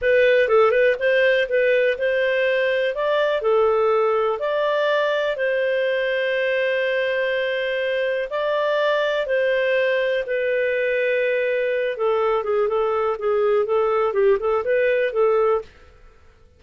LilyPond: \new Staff \with { instrumentName = "clarinet" } { \time 4/4 \tempo 4 = 123 b'4 a'8 b'8 c''4 b'4 | c''2 d''4 a'4~ | a'4 d''2 c''4~ | c''1~ |
c''4 d''2 c''4~ | c''4 b'2.~ | b'8 a'4 gis'8 a'4 gis'4 | a'4 g'8 a'8 b'4 a'4 | }